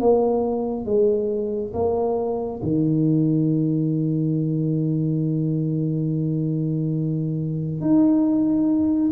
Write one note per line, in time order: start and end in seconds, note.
0.00 0.85 A#3
0.85 1.72 G#3
1.74 2.60 A#3
2.62 7.81 D#3
7.81 9.11 D#4